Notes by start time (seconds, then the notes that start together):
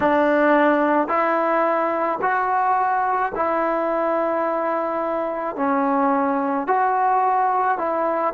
0.00 D4
1.08 E4
2.21 F#4
3.35 E4
5.56 C#4
6.67 F#4
7.78 E4